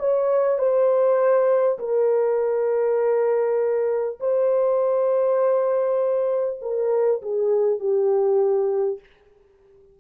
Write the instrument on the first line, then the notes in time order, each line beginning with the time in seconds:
horn
0.00 C#5
0.59 C5
1.79 A#4
4.21 C5
6.62 A#4
7.22 G#4
7.80 G4